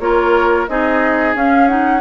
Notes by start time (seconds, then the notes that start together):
0.00 A#3 F4 A#4 C#5
0.68 C4 D#4 G#4 D#5
1.35 C#4 F5
1.68 D#4 F#5